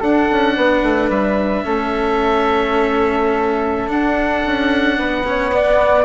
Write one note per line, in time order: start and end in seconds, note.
0.00 0.28 D4
0.00 1.64 D4
0.00 0.54 A4
0.00 1.10 F#5
0.31 0.57 C#4
0.56 0.82 B3
0.56 1.64 B4
0.82 1.09 A3
1.09 1.63 G3
1.09 3.90 E5
1.64 3.89 A3
1.64 3.88 C#4
1.64 4.97 A4
3.88 5.22 D4
3.88 4.43 D4
3.88 6.05 F#5
4.45 4.98 C#4
4.97 6.05 B3
4.97 5.24 B4
5.26 5.51 C#4
5.26 5.54 C#5
5.51 6.05 B3
5.51 6.05 D5